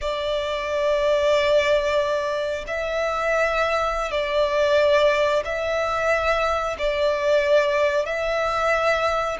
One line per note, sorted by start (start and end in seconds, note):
0.01 2.64 D5
2.67 4.11 E5
4.11 5.43 D5
5.44 6.76 E5
6.78 8.05 D5
8.05 9.37 E5